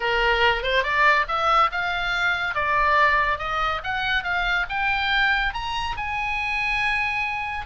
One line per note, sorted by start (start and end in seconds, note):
0.00 0.62 A#4
0.62 0.83 C5
0.83 1.26 D5
1.28 1.70 E5
1.71 2.54 F5
2.54 3.38 D5
3.38 3.81 D#5
3.83 4.23 F#5
4.23 4.66 F5
4.69 5.53 G5
5.53 5.96 A#5
5.96 7.66 G#5